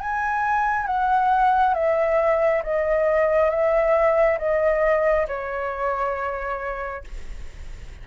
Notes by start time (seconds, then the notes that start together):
0.00 G#5
0.86 F#5
1.74 E5
2.63 D#5
3.50 E5
4.38 D#5
5.27 C#5